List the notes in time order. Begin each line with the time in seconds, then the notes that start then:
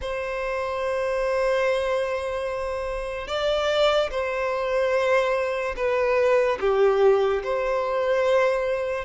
0.01 C5
3.27 D5
4.10 C5
5.76 B4
6.60 G4
7.43 C5